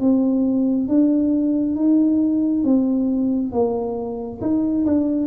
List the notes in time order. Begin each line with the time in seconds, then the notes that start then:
0.00 C4
0.88 D4
1.76 D#4
2.64 C4
3.52 A#3
4.42 D#4
4.86 D4